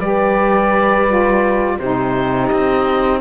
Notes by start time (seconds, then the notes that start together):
0.00 G3 G4 B4 D5
1.08 F4
1.79 C3 D#4 G4 C5
2.48 C4 D#5